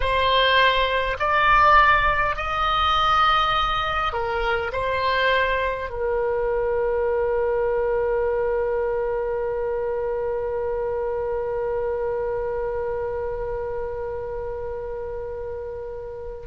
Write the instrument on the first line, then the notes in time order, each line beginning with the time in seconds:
oboe
0.00 C5
1.19 D5
2.36 D#5
4.12 A#4
4.72 C5
5.89 A#4